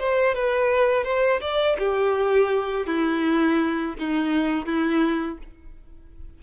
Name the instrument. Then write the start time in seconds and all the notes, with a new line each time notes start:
violin
0.00 C5
0.35 B4
1.04 C5
1.41 D5
1.79 G4
2.87 E4
4.00 D#4
4.66 E4